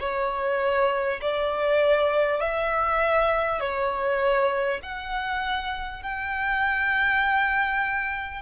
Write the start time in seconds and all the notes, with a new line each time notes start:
0.00 C#5
1.22 D5
2.41 E5
3.61 C#5
4.83 F#5
6.03 G5